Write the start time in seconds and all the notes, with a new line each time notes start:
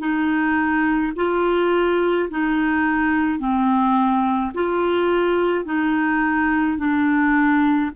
0.00 D#4
1.16 F4
2.31 D#4
3.40 C4
4.54 F4
5.66 D#4
6.78 D4